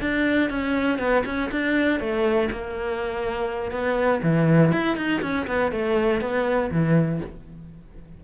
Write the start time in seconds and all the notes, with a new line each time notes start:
0.00 D4
0.50 C#4
0.98 B3
1.25 C#4
1.51 D4
2.00 A3
2.51 A#3
3.71 B3
4.23 E3
4.72 E4
4.97 D#4
5.22 C#4
5.47 B3
5.72 A3
6.21 B3
6.71 E3